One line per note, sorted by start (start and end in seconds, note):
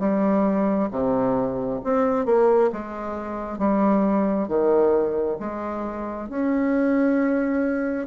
0.00 0.90 G3
0.91 1.81 C3
1.84 2.26 C4
2.26 2.71 A#3
2.73 3.59 G#3
3.59 4.48 G3
4.48 5.38 D#3
5.40 6.29 G#3
6.30 8.08 C#4